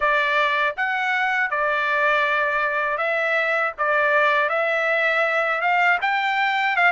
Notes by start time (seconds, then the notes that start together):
0.00 D5
0.76 F#5
1.50 D5
2.97 E5
3.77 D5
4.49 E5
5.61 F5
6.01 G5
6.76 F5